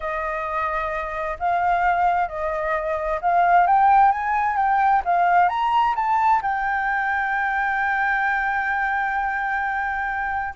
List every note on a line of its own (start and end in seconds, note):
0.00 1.37 D#5
1.39 2.28 F5
2.28 3.20 D#5
3.21 3.66 F5
3.66 4.11 G5
4.11 4.56 G#5
4.56 5.02 G5
5.04 5.49 F5
5.49 5.94 A#5
5.95 6.41 A5
6.42 10.54 G5